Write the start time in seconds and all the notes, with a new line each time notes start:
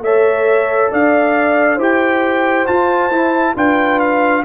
0.00 A3 A4 C#5 E5
0.92 D4 D5 F5
1.76 E4 G4 C5
1.82 G5
2.67 F4 A5
3.10 E4
3.56 D4 F4 B4 G5
3.99 F5